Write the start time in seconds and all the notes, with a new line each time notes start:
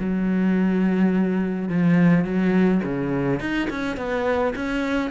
0.00 F#3
1.69 F3
2.25 F#3
2.84 C#3
3.41 D#4
3.70 C#4
3.97 B3
4.56 C#4